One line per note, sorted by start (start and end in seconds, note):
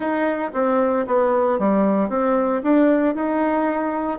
0.00 0.50 D#4
0.53 1.06 C4
1.06 1.59 B3
1.59 2.09 G3
2.09 2.62 C4
2.63 3.15 D4
3.15 4.18 D#4